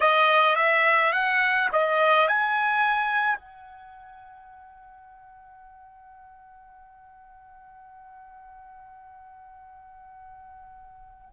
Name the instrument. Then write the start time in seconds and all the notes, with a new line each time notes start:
trumpet
0.00 D#5
0.55 E5
1.12 F#5
1.72 D#5
2.27 G#5
3.38 F#5